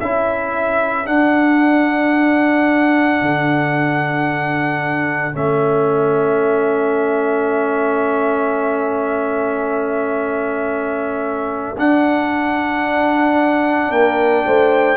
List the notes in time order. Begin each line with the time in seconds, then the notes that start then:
0.00 C#4 E4 A4 E5
1.05 D4 F#5
3.21 D3
5.33 A3 C#4 E5
11.78 D4 F#5
13.91 A#3 A#4 G5
14.46 A3 C5